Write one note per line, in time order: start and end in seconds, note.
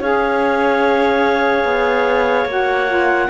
0.00 1.64 C#4
0.00 2.48 G#4
0.00 3.30 C#5
0.00 2.49 F5
1.64 2.46 B3
2.46 3.28 A#3
2.46 2.87 F#4
2.46 3.30 F#5
2.87 3.29 F4